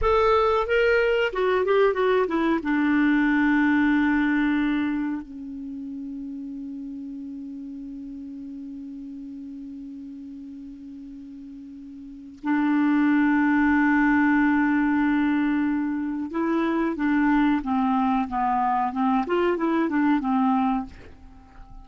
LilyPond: \new Staff \with { instrumentName = "clarinet" } { \time 4/4 \tempo 4 = 92 a'4 ais'4 fis'8 g'8 fis'8 e'8 | d'1 | cis'1~ | cis'1~ |
cis'2. d'4~ | d'1~ | d'4 e'4 d'4 c'4 | b4 c'8 f'8 e'8 d'8 c'4 | }